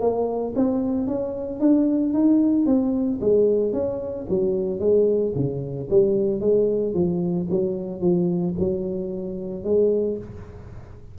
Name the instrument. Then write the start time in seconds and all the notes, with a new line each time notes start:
tuba
0.00 A#3
0.55 C4
1.07 C#4
1.59 D4
2.13 D#4
2.66 C4
3.20 G#3
3.72 C#4
4.29 F#3
4.79 G#3
5.35 C#3
5.90 G3
6.40 G#3
6.94 F3
7.50 F#3
8.01 F3
8.59 F#3
9.64 G#3